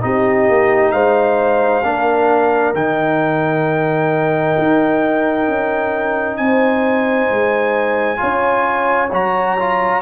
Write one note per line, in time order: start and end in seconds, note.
0.00 0.49 C4
0.00 1.82 D#4
0.00 0.93 G4
0.00 0.91 D#5
0.49 0.92 A#3
0.91 1.83 G#3
0.91 1.84 C5
0.91 2.73 F5
1.84 2.74 A#3
1.84 2.75 D4
1.84 6.41 A#4
2.74 4.56 D#3
2.74 8.17 D#4
2.74 6.36 G5
4.58 5.47 D#4
5.47 6.38 C#4
6.36 7.29 C4
6.36 8.20 C5
6.36 9.09 G#5
7.30 8.21 G#3
8.17 9.12 C#4
8.17 9.08 F4
8.17 10.01 C#5
9.12 10.01 F#3
9.12 9.58 F#4
9.12 10.01 A#5
9.59 10.01 F4